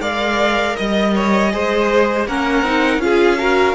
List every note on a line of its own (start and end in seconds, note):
0.00 0.76 G#3
0.00 1.50 A#4
0.00 0.76 D5
0.00 0.76 F5
0.76 1.54 G3
0.76 2.26 D#5
0.76 1.15 D#5
1.15 1.53 C#5
1.52 2.27 G#3
1.52 2.27 G#4
1.52 2.27 C5
2.27 2.62 A#3
2.27 2.65 C#4
2.27 3.02 A#4
2.27 3.02 F#5
2.62 2.98 C4
2.62 3.00 D#4
2.98 3.73 C#4
2.98 3.38 F4
2.98 3.75 F5
3.04 3.39 G#4
3.39 3.75 F#4
3.39 3.75 A#4